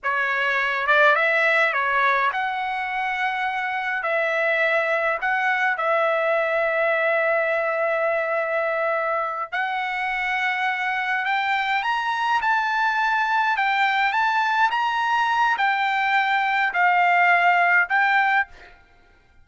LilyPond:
\new Staff \with { instrumentName = "trumpet" } { \time 4/4 \tempo 4 = 104 cis''4. d''8 e''4 cis''4 | fis''2. e''4~ | e''4 fis''4 e''2~ | e''1~ |
e''8 fis''2. g''8~ | g''8 ais''4 a''2 g''8~ | g''8 a''4 ais''4. g''4~ | g''4 f''2 g''4 | }